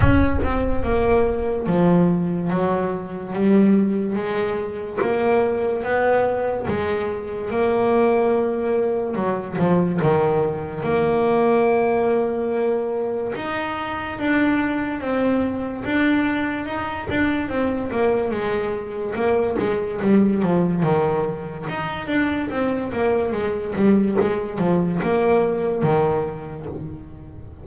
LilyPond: \new Staff \with { instrumentName = "double bass" } { \time 4/4 \tempo 4 = 72 cis'8 c'8 ais4 f4 fis4 | g4 gis4 ais4 b4 | gis4 ais2 fis8 f8 | dis4 ais2. |
dis'4 d'4 c'4 d'4 | dis'8 d'8 c'8 ais8 gis4 ais8 gis8 | g8 f8 dis4 dis'8 d'8 c'8 ais8 | gis8 g8 gis8 f8 ais4 dis4 | }